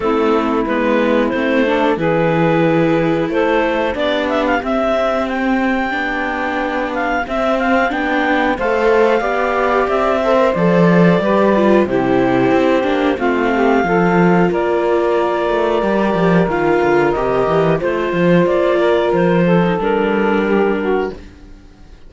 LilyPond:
<<
  \new Staff \with { instrumentName = "clarinet" } { \time 4/4 \tempo 4 = 91 a'4 b'4 c''4 b'4~ | b'4 c''4 d''8 e''16 f''16 e''4 | g''2~ g''8 f''8 e''8 f''8 | g''4 f''2 e''4 |
d''2 c''2 | f''2 d''2~ | d''4 f''4 dis''4 c''4 | d''4 c''4 ais'2 | }
  \new Staff \with { instrumentName = "saxophone" } { \time 4/4 e'2~ e'8 a'8 gis'4~ | gis'4 a'4 g'2~ | g'1~ | g'4 c''4 d''4. c''8~ |
c''4 b'4 g'2 | f'8 g'8 a'4 ais'2~ | ais'2. c''4~ | c''8 ais'4 a'4. g'8 fis'8 | }
  \new Staff \with { instrumentName = "viola" } { \time 4/4 c'4 b4 c'8 d'8 e'4~ | e'2 d'4 c'4~ | c'4 d'2 c'4 | d'4 a'4 g'4. a'16 ais'16 |
a'4 g'8 f'8 e'4. d'8 | c'4 f'2. | g'4 f'4 g'4 f'4~ | f'4.~ f'16 dis'16 d'2 | }
  \new Staff \with { instrumentName = "cello" } { \time 4/4 a4 gis4 a4 e4~ | e4 a4 b4 c'4~ | c'4 b2 c'4 | b4 a4 b4 c'4 |
f4 g4 c4 c'8 ais8 | a4 f4 ais4. a8 | g8 f8 dis8 d8 c8 e8 a8 f8 | ais4 f4 g2 | }
>>